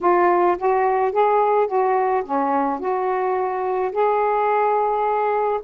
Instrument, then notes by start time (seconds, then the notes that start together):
saxophone
0.01 F4
0.58 F#4
1.12 G#4
1.67 F#4
2.24 C#4
2.79 F#4
3.92 G#4